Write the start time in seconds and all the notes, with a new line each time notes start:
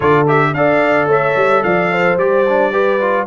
0.00 D3 F4 A4 D5
0.27 G4 E5
0.53 D4 A4 D5 F5
1.06 A3 C#5 E5
1.36 G3
1.63 F3 D5 F5
1.92 C5
2.16 G3 G4 D5
2.48 D4
2.71 G4 B4
3.00 F4